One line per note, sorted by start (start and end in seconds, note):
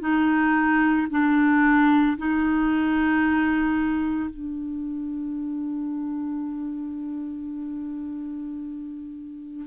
0.00 1.07 D#4
1.10 2.17 D4
2.17 4.30 D#4
4.30 9.65 D4